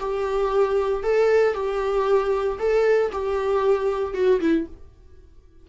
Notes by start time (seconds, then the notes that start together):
0.00 G4
1.04 A4
1.54 G4
2.59 A4
3.12 G4
4.14 F#4
4.41 E4